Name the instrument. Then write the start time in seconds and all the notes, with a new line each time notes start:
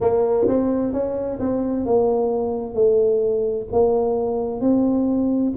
tuba
0.00 A#3
0.47 C4
0.92 C#4
1.39 C4
1.85 A#3
2.74 A3
3.72 A#3
4.61 C4